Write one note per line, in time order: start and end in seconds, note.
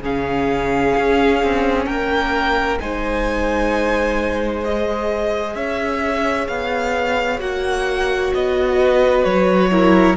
0.00 0.92 C#3
0.00 2.79 C#4
0.00 1.86 G#4
0.00 1.85 F5
0.97 1.42 C#4
1.42 1.86 C4
1.85 2.78 A#3
1.85 2.79 A#4
1.85 2.77 G5
2.79 5.55 G#3
2.79 4.64 D#4
2.79 5.55 C5
2.79 4.64 G#5
4.64 7.38 G#4
4.64 5.56 D#5
5.55 6.47 C#4
5.55 8.78 C#5
5.55 6.47 E5
6.47 7.39 B3
6.47 7.39 F5
7.38 8.32 A#3
7.38 9.69 F#4
7.38 8.32 F#5
8.34 9.24 B3
8.34 9.23 D#5
8.78 9.70 B4
9.23 10.16 F#3
9.23 10.16 C#5
9.70 10.16 E4
9.70 10.16 A#4